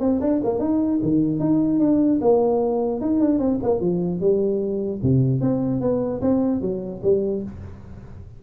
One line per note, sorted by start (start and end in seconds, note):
0.00 0.20 C4
0.21 0.41 D4
0.44 0.59 A#3
0.59 0.99 D#4
1.02 1.40 D#3
1.40 1.79 D#4
1.79 2.19 D4
2.21 3.01 A#3
3.01 3.20 D#4
3.20 3.39 D4
3.39 3.59 C4
3.63 3.80 A#3
3.80 4.20 F3
4.21 5.01 G3
5.03 5.41 C3
5.41 5.81 C4
5.81 6.21 B3
6.21 6.61 C4
6.61 7.01 F#3
7.03 7.43 G3